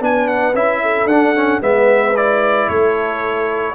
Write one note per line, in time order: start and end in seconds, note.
0.00 0.54 B3
0.00 0.54 D4
0.00 0.81 B4
0.00 0.28 G#5
0.28 0.54 F#5
0.54 1.05 C#4
0.54 1.08 E4
0.54 1.07 E5
0.81 1.62 A4
1.05 1.58 D4
1.05 1.35 D4
1.05 1.61 F#5
1.35 1.61 C#4
1.61 2.68 G#3
1.61 2.14 B3
1.61 2.69 B4
1.61 2.16 E5
2.16 3.75 E4
2.16 2.69 D5
2.69 3.75 A3
2.69 3.75 A4
2.69 3.75 C#5